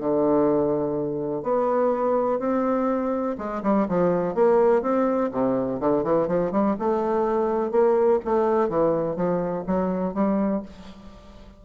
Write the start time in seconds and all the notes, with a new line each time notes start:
0.00 D3
1.43 B3
2.40 C4
3.39 G#3
3.63 G3
3.89 F3
4.35 A#3
4.82 C4
5.32 C3
5.80 D3
6.04 E3
6.28 F3
6.52 G3
6.80 A3
7.72 A#3
8.25 A3
8.69 E3
9.16 F3
9.67 F#3
10.14 G3